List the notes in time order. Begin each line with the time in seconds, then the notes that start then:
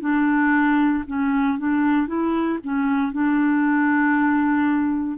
0.00 D4
1.07 C#4
1.58 D4
2.07 E4
2.63 C#4
3.12 D4